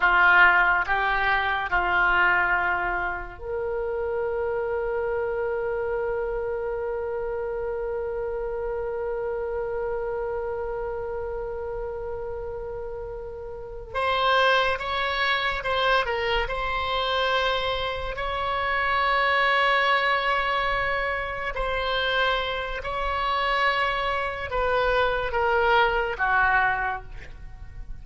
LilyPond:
\new Staff \with { instrumentName = "oboe" } { \time 4/4 \tempo 4 = 71 f'4 g'4 f'2 | ais'1~ | ais'1~ | ais'1~ |
ais'8 c''4 cis''4 c''8 ais'8 c''8~ | c''4. cis''2~ cis''8~ | cis''4. c''4. cis''4~ | cis''4 b'4 ais'4 fis'4 | }